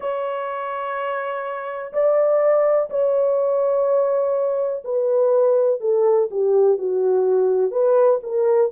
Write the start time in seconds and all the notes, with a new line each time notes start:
0.00 C#5
1.92 D5
2.90 C#5
4.84 B4
5.80 A4
6.30 G4
6.77 F#4
7.71 B4
8.23 A#4